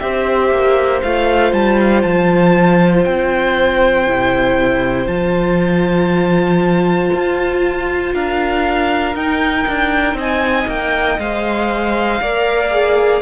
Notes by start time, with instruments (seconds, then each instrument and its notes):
0.00 cello C4, viola G4, violin C5 E5
0.51 cello A#3
1.03 cello A3, viola F4, violin F5
1.53 cello G3, violin A5
1.80 violin F5
2.03 cello F3, violin A5
3.04 cello C4, violin G5
4.07 cello C3, viola E4
5.07 cello F3, viola F4, violin A5
7.14 cello F4
8.14 cello D4, violin A#4 F5
9.15 cello D#4, viola D#4, violin G5
9.68 cello D4
10.14 cello C4, violin D#5
10.20 violin G#5
10.68 cello A#3, violin G5
11.19 cello G#3, viola C5, violin F5
12.21 cello A#3, viola A#4, violin D5
12.71 viola G#4